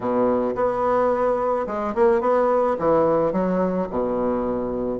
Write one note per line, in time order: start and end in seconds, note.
0.00 0.54 B2
0.55 1.66 B3
1.66 1.94 G#3
1.94 2.20 A#3
2.20 2.76 B3
2.79 3.32 E3
3.32 3.87 F#3
3.90 4.99 B2